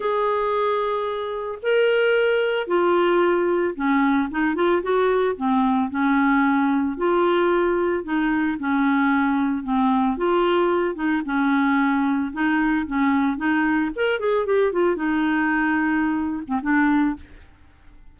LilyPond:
\new Staff \with { instrumentName = "clarinet" } { \time 4/4 \tempo 4 = 112 gis'2. ais'4~ | ais'4 f'2 cis'4 | dis'8 f'8 fis'4 c'4 cis'4~ | cis'4 f'2 dis'4 |
cis'2 c'4 f'4~ | f'8 dis'8 cis'2 dis'4 | cis'4 dis'4 ais'8 gis'8 g'8 f'8 | dis'2~ dis'8. c'16 d'4 | }